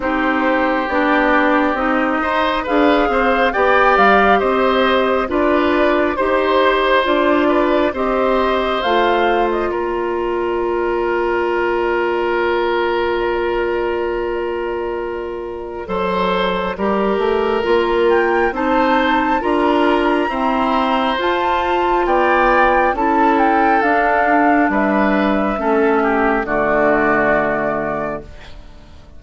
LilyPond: <<
  \new Staff \with { instrumentName = "flute" } { \time 4/4 \tempo 4 = 68 c''4 d''4 dis''4 f''4 | g''8 f''8 dis''4 d''4 c''4 | d''4 dis''4 f''8. dis''16 d''4~ | d''1~ |
d''1~ | d''8 g''8 a''4 ais''2 | a''4 g''4 a''8 g''8 f''4 | e''2 d''2 | }
  \new Staff \with { instrumentName = "oboe" } { \time 4/4 g'2~ g'8 c''8 b'8 c''8 | d''4 c''4 b'4 c''4~ | c''8 b'8 c''2 ais'4~ | ais'1~ |
ais'2 c''4 ais'4~ | ais'4 c''4 ais'4 c''4~ | c''4 d''4 a'2 | b'4 a'8 g'8 fis'2 | }
  \new Staff \with { instrumentName = "clarinet" } { \time 4/4 dis'4 d'4 dis'4 gis'4 | g'2 f'4 g'4 | f'4 g'4 f'2~ | f'1~ |
f'2 a'4 g'4 | f'4 dis'4 f'4 c'4 | f'2 e'4 d'4~ | d'4 cis'4 a2 | }
  \new Staff \with { instrumentName = "bassoon" } { \time 4/4 c'4 b4 c'8 dis'8 d'8 c'8 | b8 g8 c'4 d'4 dis'4 | d'4 c'4 a4 ais4~ | ais1~ |
ais2 fis4 g8 a8 | ais4 c'4 d'4 e'4 | f'4 b4 cis'4 d'4 | g4 a4 d2 | }
>>